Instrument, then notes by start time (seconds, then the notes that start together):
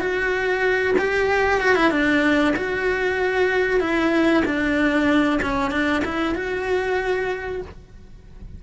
cello
0.00 F#4
0.98 G4
1.60 F#4
1.75 E4
1.91 D4
2.56 F#4
3.80 E4
4.45 D4
5.42 C#4
5.71 D4
6.05 E4
6.35 F#4